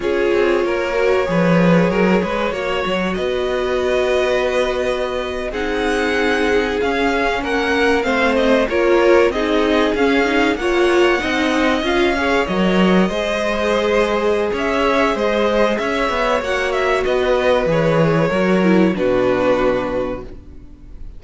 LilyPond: <<
  \new Staff \with { instrumentName = "violin" } { \time 4/4 \tempo 4 = 95 cis''1~ | cis''4 dis''2.~ | dis''8. fis''2 f''4 fis''16~ | fis''8. f''8 dis''8 cis''4 dis''4 f''16~ |
f''8. fis''2 f''4 dis''16~ | dis''2. e''4 | dis''4 e''4 fis''8 e''8 dis''4 | cis''2 b'2 | }
  \new Staff \with { instrumentName = "violin" } { \time 4/4 gis'4 ais'4 b'4 ais'8 b'8 | cis''4 b'2.~ | b'8. gis'2. ais'16~ | ais'8. c''4 ais'4 gis'4~ gis'16~ |
gis'8. cis''4 dis''4. cis''8.~ | cis''8. c''2~ c''16 cis''4 | c''4 cis''2 b'4~ | b'4 ais'4 fis'2 | }
  \new Staff \with { instrumentName = "viola" } { \time 4/4 f'4. fis'8 gis'2 | fis'1~ | fis'8. dis'2 cis'4~ cis'16~ | cis'8. c'4 f'4 dis'4 cis'16~ |
cis'16 dis'8 f'4 dis'4 f'8 gis'8 ais'16~ | ais'8. gis'2.~ gis'16~ | gis'2 fis'2 | gis'4 fis'8 e'8 d'2 | }
  \new Staff \with { instrumentName = "cello" } { \time 4/4 cis'8 c'8 ais4 f4 fis8 gis8 | ais8 fis8 b2.~ | b8. c'2 cis'4 ais16~ | ais8. a4 ais4 c'4 cis'16~ |
cis'8. ais4 c'4 cis'4 fis16~ | fis8. gis2~ gis16 cis'4 | gis4 cis'8 b8 ais4 b4 | e4 fis4 b,2 | }
>>